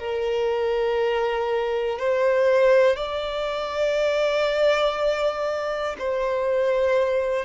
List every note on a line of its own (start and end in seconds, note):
0.00 2.00 A#4
2.00 2.97 C5
2.97 5.97 D5
5.99 7.45 C5